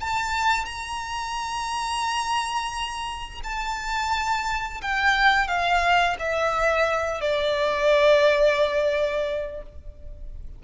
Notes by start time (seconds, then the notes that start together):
0.00 A5
0.65 A#5
3.43 A5
4.82 G5
5.47 F5
6.19 E5
7.21 D5